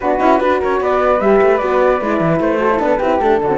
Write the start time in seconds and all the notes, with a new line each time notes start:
0.00 B3 D4 F#4 B4
0.19 C#4 E4
0.39 D4 F#4 B4
0.59 C#4 A#4 C#5
0.80 B3 B4 D5
1.20 G3 G4 E5
1.41 A3
1.57 B3 F#4 D5
2.01 G#3 E4
2.20 E3
2.40 A3 C5
2.59 F#4 A4
2.71 E4
2.79 B3 D4 B4
2.98 C4 E4 G4
3.20 A3 D4 A4
3.41 D3 D4 F#4
3.49 C4